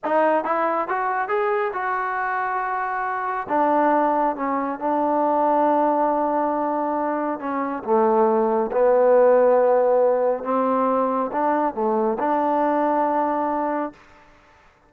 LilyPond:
\new Staff \with { instrumentName = "trombone" } { \time 4/4 \tempo 4 = 138 dis'4 e'4 fis'4 gis'4 | fis'1 | d'2 cis'4 d'4~ | d'1~ |
d'4 cis'4 a2 | b1 | c'2 d'4 a4 | d'1 | }